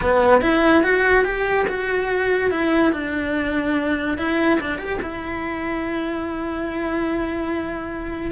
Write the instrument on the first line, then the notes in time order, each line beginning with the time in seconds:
cello
0.01 B3
0.41 E4
0.83 F#4
1.24 G4
1.67 F#4
2.50 E4
2.92 D4
4.17 E4
4.60 D4
4.78 G4
5.02 E4